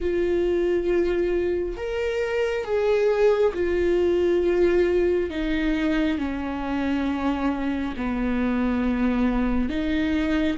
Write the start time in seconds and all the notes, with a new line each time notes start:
0.00 F4
1.76 A#4
2.64 G#4
3.53 F4
5.29 D#4
6.18 C#4
7.97 B3
9.69 D#4